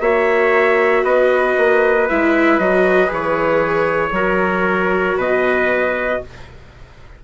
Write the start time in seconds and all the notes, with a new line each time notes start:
0.00 A#3 F#4 C#5 E5
1.04 B3 B4 D#5
1.57 A#3
2.09 G#3 E4 E5
2.58 F#3 F#4 D#5
3.07 E3 G#4
3.13 C#5
4.11 F#3 F#4 A#4
5.16 B2 B4 D#5